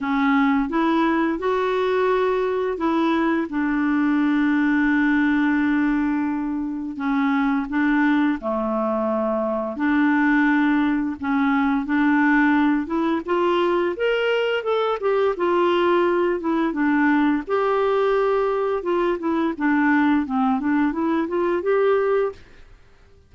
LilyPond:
\new Staff \with { instrumentName = "clarinet" } { \time 4/4 \tempo 4 = 86 cis'4 e'4 fis'2 | e'4 d'2.~ | d'2 cis'4 d'4 | a2 d'2 |
cis'4 d'4. e'8 f'4 | ais'4 a'8 g'8 f'4. e'8 | d'4 g'2 f'8 e'8 | d'4 c'8 d'8 e'8 f'8 g'4 | }